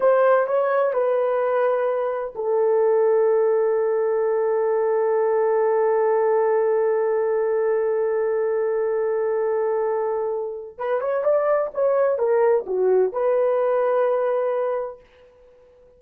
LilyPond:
\new Staff \with { instrumentName = "horn" } { \time 4/4 \tempo 4 = 128 c''4 cis''4 b'2~ | b'4 a'2.~ | a'1~ | a'1~ |
a'1~ | a'2. b'8 cis''8 | d''4 cis''4 ais'4 fis'4 | b'1 | }